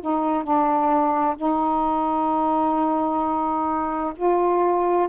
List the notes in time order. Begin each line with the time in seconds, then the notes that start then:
0.00 D#4
0.43 D4
1.36 D#4
4.16 F4